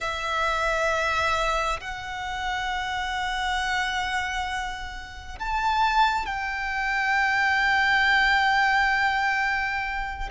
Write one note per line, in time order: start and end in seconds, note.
0.00 1.80 E5
1.80 5.38 F#5
5.39 6.26 A5
6.26 10.29 G5